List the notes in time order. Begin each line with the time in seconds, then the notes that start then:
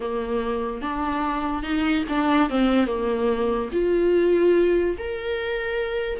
0.00 A#3
0.81 D4
1.63 D#4
2.08 D4
2.49 C4
2.86 A#3
3.72 F4
4.97 A#4